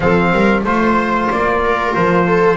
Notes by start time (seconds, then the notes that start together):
0.00 F3 C4 A4 F5
0.32 G3 A#4
0.63 A3 F4 C5
1.30 A#3 D5
1.63 A#4
1.94 F3 C5
2.26 A4